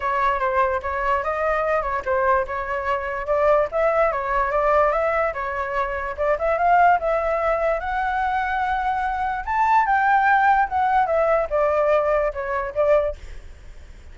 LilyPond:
\new Staff \with { instrumentName = "flute" } { \time 4/4 \tempo 4 = 146 cis''4 c''4 cis''4 dis''4~ | dis''8 cis''8 c''4 cis''2 | d''4 e''4 cis''4 d''4 | e''4 cis''2 d''8 e''8 |
f''4 e''2 fis''4~ | fis''2. a''4 | g''2 fis''4 e''4 | d''2 cis''4 d''4 | }